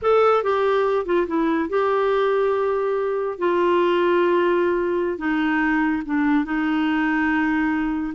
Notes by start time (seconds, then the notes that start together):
0.02 A4
0.43 G4
1.05 F4
1.27 E4
1.69 G4
3.38 F4
5.18 D#4
6.05 D4
6.44 D#4